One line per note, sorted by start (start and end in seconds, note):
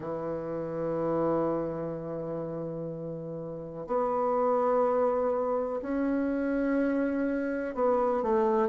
0.00 3.86 E3
3.86 5.80 B3
5.82 7.75 C#4
7.75 8.23 B3
8.23 8.68 A3